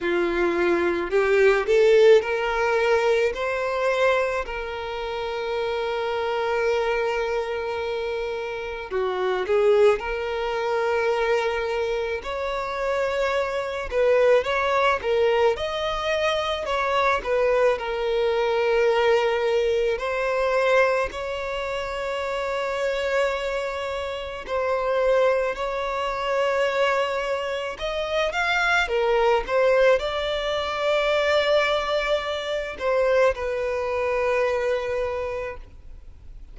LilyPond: \new Staff \with { instrumentName = "violin" } { \time 4/4 \tempo 4 = 54 f'4 g'8 a'8 ais'4 c''4 | ais'1 | fis'8 gis'8 ais'2 cis''4~ | cis''8 b'8 cis''8 ais'8 dis''4 cis''8 b'8 |
ais'2 c''4 cis''4~ | cis''2 c''4 cis''4~ | cis''4 dis''8 f''8 ais'8 c''8 d''4~ | d''4. c''8 b'2 | }